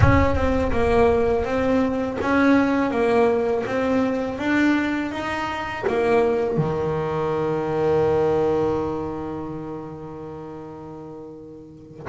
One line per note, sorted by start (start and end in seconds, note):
0.00 0.35 C#4
0.35 0.72 C4
0.72 1.44 A#3
1.44 2.18 C4
2.21 2.90 C#4
2.90 3.64 A#3
3.66 4.38 C4
4.38 5.11 D4
5.11 5.84 D#4
5.87 6.57 A#3
6.57 12.06 D#3